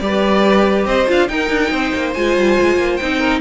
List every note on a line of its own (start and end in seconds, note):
0.00 0.86 G3
0.00 1.08 G4
0.00 0.87 B4
0.00 0.85 D5
0.86 1.08 C4
0.86 1.30 C5
0.86 1.08 D#5
1.08 1.29 D4
1.08 1.29 F4
1.08 1.29 F5
1.29 1.50 D#4
1.29 2.14 D#4
1.29 1.71 A#4
1.29 2.14 G5
1.50 1.71 D4
1.71 1.93 C4
1.71 3.19 C5
1.95 2.16 A#3
2.14 2.38 G#3
2.14 3.01 F4
2.14 2.97 G#5
2.38 2.59 G3
2.61 2.77 G#3
2.77 2.98 A#3
2.97 3.41 C4
2.97 3.41 D#4
2.97 3.40 G5
3.19 3.40 A#4